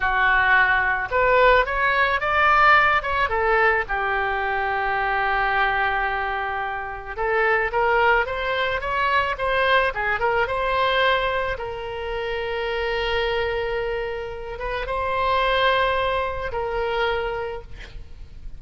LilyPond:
\new Staff \with { instrumentName = "oboe" } { \time 4/4 \tempo 4 = 109 fis'2 b'4 cis''4 | d''4. cis''8 a'4 g'4~ | g'1~ | g'4 a'4 ais'4 c''4 |
cis''4 c''4 gis'8 ais'8 c''4~ | c''4 ais'2.~ | ais'2~ ais'8 b'8 c''4~ | c''2 ais'2 | }